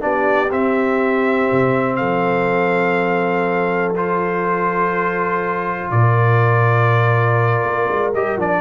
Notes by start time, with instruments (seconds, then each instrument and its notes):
0.00 tuba B3, trombone D4, horn G4, trumpet D5
0.51 trombone C4, tuba C4, trumpet E5
1.52 tuba C3
1.96 tuba F3, horn A4, trumpet F5
3.96 trombone F4, trumpet C5
5.91 tuba A#2, horn A#4, trumpet D5
7.64 tuba A#3
7.89 tuba G#3
8.14 tuba G3, trombone G4, trumpet D#5
8.36 tuba F3, trombone D4, trumpet D5